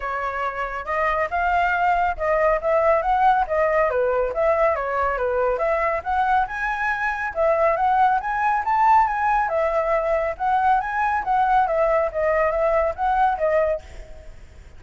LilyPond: \new Staff \with { instrumentName = "flute" } { \time 4/4 \tempo 4 = 139 cis''2 dis''4 f''4~ | f''4 dis''4 e''4 fis''4 | dis''4 b'4 e''4 cis''4 | b'4 e''4 fis''4 gis''4~ |
gis''4 e''4 fis''4 gis''4 | a''4 gis''4 e''2 | fis''4 gis''4 fis''4 e''4 | dis''4 e''4 fis''4 dis''4 | }